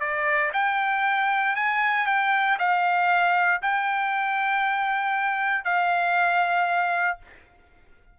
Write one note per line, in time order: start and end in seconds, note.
0.00 0.51 D5
0.53 1.55 G5
1.56 2.06 G#5
2.06 2.58 G5
2.59 3.61 F5
3.62 5.64 G5
5.64 7.18 F5